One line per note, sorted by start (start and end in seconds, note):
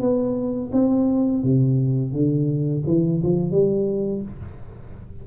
0.00 0.71 B3
0.73 1.43 C4
1.43 2.12 C3
2.12 2.83 D3
2.86 3.21 E3
3.23 3.51 F3
3.51 4.22 G3